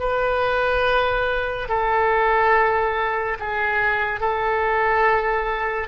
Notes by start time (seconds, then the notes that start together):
0.00 B4
1.69 A4
3.40 G#4
4.21 A4